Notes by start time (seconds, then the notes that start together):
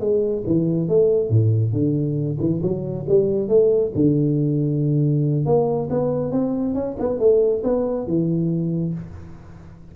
0.00 G#3
0.46 E3
0.89 A3
1.30 A2
1.73 D3
2.40 E3
2.62 F#3
3.08 G3
3.48 A3
3.95 D3
5.45 A#3
5.90 B3
6.32 C4
6.75 C#4
6.99 B3
7.19 A3
7.63 B3
8.07 E3